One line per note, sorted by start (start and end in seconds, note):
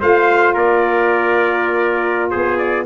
0.00 0.55 A3
0.00 2.86 F4
0.00 0.54 C5
0.00 0.56 F5
0.54 2.32 A#3
0.54 2.31 A#4
0.54 2.30 D5
2.30 2.86 B3
2.30 2.86 G#4
2.30 2.57 C5
2.58 2.85 D5